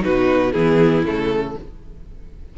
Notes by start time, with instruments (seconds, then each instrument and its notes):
0.00 cello B2, viola D#4, violin F#4 B4
0.52 cello E3, viola B3, violin E4 G#4
1.04 cello C#3, viola A3, violin A4